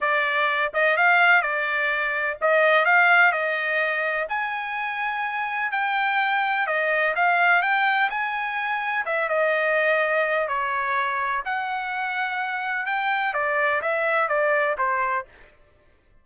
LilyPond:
\new Staff \with { instrumentName = "trumpet" } { \time 4/4 \tempo 4 = 126 d''4. dis''8 f''4 d''4~ | d''4 dis''4 f''4 dis''4~ | dis''4 gis''2. | g''2 dis''4 f''4 |
g''4 gis''2 e''8 dis''8~ | dis''2 cis''2 | fis''2. g''4 | d''4 e''4 d''4 c''4 | }